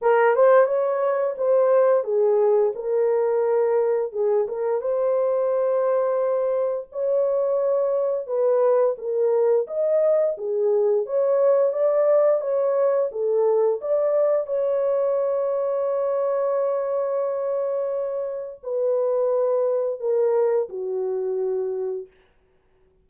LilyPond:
\new Staff \with { instrumentName = "horn" } { \time 4/4 \tempo 4 = 87 ais'8 c''8 cis''4 c''4 gis'4 | ais'2 gis'8 ais'8 c''4~ | c''2 cis''2 | b'4 ais'4 dis''4 gis'4 |
cis''4 d''4 cis''4 a'4 | d''4 cis''2.~ | cis''2. b'4~ | b'4 ais'4 fis'2 | }